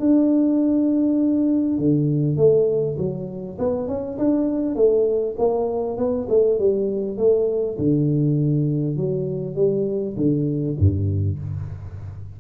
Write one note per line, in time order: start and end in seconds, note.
0.00 1.78 D4
1.78 2.36 D3
2.36 2.96 A3
2.98 3.58 F#3
3.59 3.88 B3
3.88 4.18 C#4
4.18 4.75 D4
4.75 5.35 A3
5.39 5.98 A#3
5.98 6.28 B3
6.29 6.59 A3
6.59 7.18 G3
7.18 7.78 A3
7.78 8.97 D3
8.97 9.55 F#3
9.55 10.15 G3
10.17 10.77 D3
10.79 11.39 G2